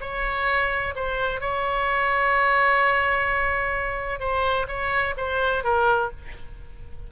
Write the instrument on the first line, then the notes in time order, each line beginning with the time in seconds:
oboe
0.00 C#5
0.95 C5
1.40 C#5
4.19 C5
4.67 C#5
5.16 C5
5.63 A#4